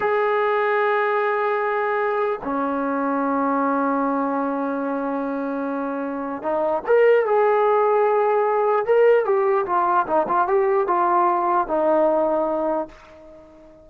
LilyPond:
\new Staff \with { instrumentName = "trombone" } { \time 4/4 \tempo 4 = 149 gis'1~ | gis'2 cis'2~ | cis'1~ | cis'1 |
dis'4 ais'4 gis'2~ | gis'2 ais'4 g'4 | f'4 dis'8 f'8 g'4 f'4~ | f'4 dis'2. | }